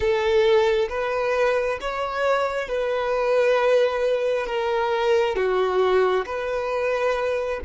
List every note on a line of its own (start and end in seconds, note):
0.00 0.88 A4
0.89 1.79 B4
1.81 2.67 C#5
2.67 4.46 B4
4.46 5.35 A#4
5.35 6.25 F#4
6.25 7.60 B4